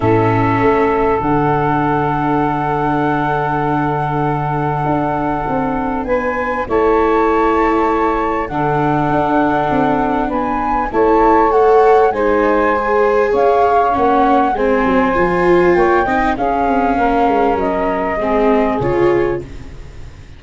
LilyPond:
<<
  \new Staff \with { instrumentName = "flute" } { \time 4/4 \tempo 4 = 99 e''2 fis''2~ | fis''1~ | fis''2 gis''4 a''4~ | a''2 fis''2~ |
fis''4 gis''4 a''4 fis''4 | gis''2 f''4 fis''4 | gis''2 g''4 f''4~ | f''4 dis''2 cis''4 | }
  \new Staff \with { instrumentName = "saxophone" } { \time 4/4 a'1~ | a'1~ | a'2 b'4 cis''4~ | cis''2 a'2~ |
a'4 b'4 cis''2 | c''2 cis''2 | c''2 cis''8 dis''8 gis'4 | ais'2 gis'2 | }
  \new Staff \with { instrumentName = "viola" } { \time 4/4 cis'2 d'2~ | d'1~ | d'2. e'4~ | e'2 d'2~ |
d'2 e'4 a'4 | dis'4 gis'2 cis'4 | c'4 f'4. dis'8 cis'4~ | cis'2 c'4 f'4 | }
  \new Staff \with { instrumentName = "tuba" } { \time 4/4 a,4 a4 d2~ | d1 | d'4 c'4 b4 a4~ | a2 d4 d'4 |
c'4 b4 a2 | gis2 cis'4 ais4 | gis8 fis8 f4 ais8 c'8 cis'8 c'8 | ais8 gis8 fis4 gis4 cis4 | }
>>